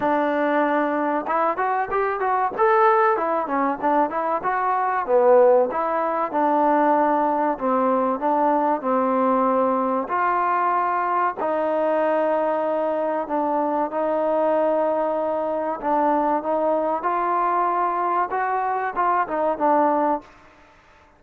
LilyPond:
\new Staff \with { instrumentName = "trombone" } { \time 4/4 \tempo 4 = 95 d'2 e'8 fis'8 g'8 fis'8 | a'4 e'8 cis'8 d'8 e'8 fis'4 | b4 e'4 d'2 | c'4 d'4 c'2 |
f'2 dis'2~ | dis'4 d'4 dis'2~ | dis'4 d'4 dis'4 f'4~ | f'4 fis'4 f'8 dis'8 d'4 | }